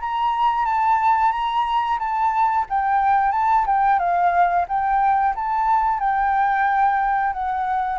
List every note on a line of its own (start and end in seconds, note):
0.00 0.65 A#5
0.65 1.31 A5
1.31 1.98 A#5
1.99 2.65 A5
2.69 3.32 G5
3.32 3.65 A5
3.66 3.98 G5
3.98 4.65 F5
4.68 5.34 G5
5.35 5.99 A5
5.99 7.32 G5
7.32 7.99 F#5